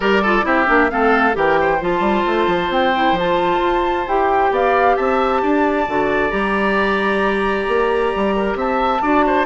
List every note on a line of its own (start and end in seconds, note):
0.00 0.44 G3
0.00 0.23 G4
0.00 0.22 A#4
0.00 0.45 D5
0.22 0.42 F4
0.22 0.45 A4
0.42 0.67 C4
0.42 0.65 E4
0.42 0.90 G4
0.42 0.90 E5
0.66 0.91 A#3
0.66 0.89 D4
0.90 1.35 A3
0.90 1.32 C4
0.90 1.37 A4
0.90 1.35 F5
1.32 1.80 E3
1.32 1.78 G4
1.32 1.59 A#4
1.32 1.82 G5
1.60 4.52 C5
1.80 1.99 F3
1.80 2.93 F4
1.80 2.72 A5
1.99 2.22 G3
2.26 2.47 A3
2.47 2.69 F3
2.69 3.12 C4
2.69 3.18 G5
2.94 3.17 E4
3.12 3.57 F3
3.18 4.07 F4
3.18 4.08 A5
3.60 4.05 F4
4.07 4.50 E4
4.07 5.87 G4
4.07 4.53 G5
4.50 4.96 B3
4.50 4.96 D5
4.50 4.96 F5
4.96 5.42 C4
4.96 5.41 E5
4.96 6.30 A5
5.42 5.87 D4
5.42 8.35 D5
5.88 6.31 D3
5.88 6.29 F#4
6.29 7.67 G3
6.29 9.00 G4
6.29 8.56 A#5
7.68 8.13 A#3
8.15 8.55 G3
8.35 8.57 A#4
8.55 9.00 C4
8.55 9.02 E5
8.55 9.45 A5
9.01 9.45 D4
9.01 9.45 F#4
9.01 9.24 D5
9.26 9.45 C5